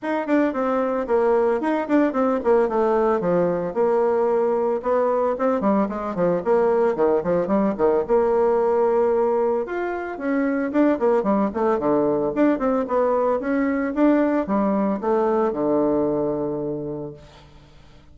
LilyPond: \new Staff \with { instrumentName = "bassoon" } { \time 4/4 \tempo 4 = 112 dis'8 d'8 c'4 ais4 dis'8 d'8 | c'8 ais8 a4 f4 ais4~ | ais4 b4 c'8 g8 gis8 f8 | ais4 dis8 f8 g8 dis8 ais4~ |
ais2 f'4 cis'4 | d'8 ais8 g8 a8 d4 d'8 c'8 | b4 cis'4 d'4 g4 | a4 d2. | }